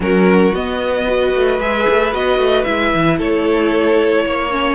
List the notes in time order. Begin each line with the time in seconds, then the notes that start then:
0.00 F#3 C#4 F#4 A#4
0.54 B3 D#5
1.05 F#4 B4
1.34 A3
1.59 G#3 G#4 E5
1.88 A3
2.12 B3 F#4 D#5
2.38 A3
2.63 G#3 E4 E5
2.94 E3
3.17 A3 A4 C#5
4.25 A#3 C#5
4.50 C#4